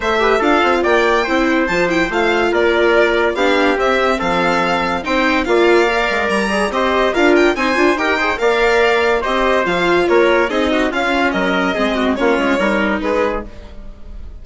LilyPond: <<
  \new Staff \with { instrumentName = "violin" } { \time 4/4 \tempo 4 = 143 e''4 f''4 g''2 | a''8 g''8 f''4 d''2 | f''4 e''4 f''2 | g''4 f''2 ais''4 |
dis''4 f''8 g''8 gis''4 g''4 | f''2 dis''4 f''4 | cis''4 dis''4 f''4 dis''4~ | dis''4 cis''2 b'4 | }
  \new Staff \with { instrumentName = "trumpet" } { \time 4/4 c''8 b'8 a'4 d''4 c''4~ | c''2 ais'2 | g'2 a'2 | c''4 d''2. |
c''4 ais'4 c''4 ais'8 c''8 | d''2 c''2 | ais'4 gis'8 fis'8 f'4 ais'4 | gis'8 fis'8 f'4 ais'4 gis'4 | }
  \new Staff \with { instrumentName = "viola" } { \time 4/4 a'8 g'8 f'2 e'4 | f'8 e'8 f'2. | d'4 c'2. | dis'4 f'4 ais'4. gis'8 |
g'4 f'4 dis'8 f'8 g'8 gis'8 | ais'2 g'4 f'4~ | f'4 dis'4 cis'2 | c'4 cis'4 dis'2 | }
  \new Staff \with { instrumentName = "bassoon" } { \time 4/4 a4 d'8 c'8 ais4 c'4 | f4 a4 ais2 | b4 c'4 f2 | c'4 ais4. gis8 g4 |
c'4 d'4 c'8 d'8 dis'4 | ais2 c'4 f4 | ais4 c'4 cis'4 fis4 | gis4 ais8 gis8 g4 gis4 | }
>>